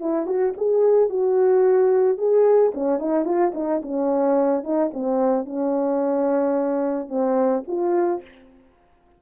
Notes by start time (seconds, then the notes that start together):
0.00 E4
0.26 F#4
0.57 G#4
1.10 F#4
2.18 G#4
2.74 C#4
2.99 D#4
3.25 F4
3.55 D#4
3.83 C#4
4.64 D#4
4.94 C4
5.46 C#4
7.09 C4
7.68 F4